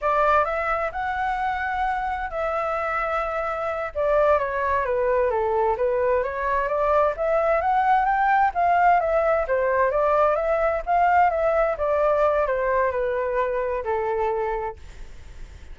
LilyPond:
\new Staff \with { instrumentName = "flute" } { \time 4/4 \tempo 4 = 130 d''4 e''4 fis''2~ | fis''4 e''2.~ | e''8 d''4 cis''4 b'4 a'8~ | a'8 b'4 cis''4 d''4 e''8~ |
e''8 fis''4 g''4 f''4 e''8~ | e''8 c''4 d''4 e''4 f''8~ | f''8 e''4 d''4. c''4 | b'2 a'2 | }